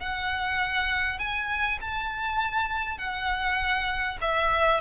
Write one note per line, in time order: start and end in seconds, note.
0.00 1.19 F#5
1.19 1.79 G#5
1.81 2.98 A5
2.98 4.18 F#5
4.21 4.80 E5